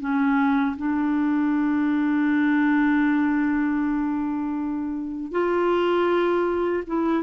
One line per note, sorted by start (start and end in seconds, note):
0.00 0.76 C#4
0.77 5.31 D4
5.31 6.83 F4
6.87 7.23 E4